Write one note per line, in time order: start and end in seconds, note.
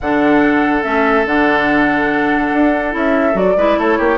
0.00 0.85 D3
0.00 0.83 D4
0.00 3.57 A4
0.00 0.83 F#5
0.83 1.25 A3
0.83 1.25 C#4
0.83 1.25 E5
1.25 2.51 D3
1.25 2.91 D4
1.25 2.94 F#5
2.53 2.94 D4
2.91 3.34 C#4
2.91 3.33 E4
2.91 3.37 E5
3.33 3.55 F#3
3.33 3.54 F#4
3.33 3.79 D5
3.56 3.77 G#3
3.56 4.17 E4
3.56 3.78 B4
3.77 3.98 A3
3.77 3.98 A4
3.77 4.17 C#5
3.98 4.17 A#3
3.98 4.17 G4